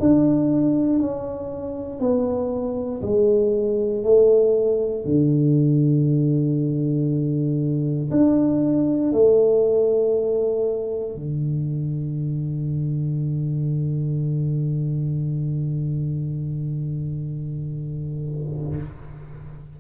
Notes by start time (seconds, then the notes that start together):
0.00 D4
1.00 C#4
2.00 B3
3.02 G#3
4.04 A3
5.05 D3
8.11 D4
9.13 A3
11.15 D3